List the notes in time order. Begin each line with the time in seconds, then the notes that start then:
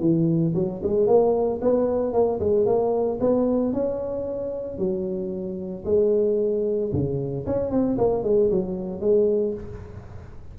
0.00 E3
0.55 F#3
0.83 G#3
1.07 A#3
1.61 B3
2.13 A#3
2.39 G#3
2.66 A#3
3.20 B3
3.73 C#4
4.78 F#3
5.85 G#3
6.92 C#3
7.46 C#4
7.71 C4
7.97 A#3
8.23 G#3
8.51 F#3
9.00 G#3